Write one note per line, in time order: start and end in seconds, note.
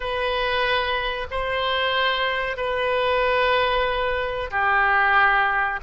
0.00 1.27 B4
1.30 2.56 C5
2.56 4.50 B4
4.50 5.79 G4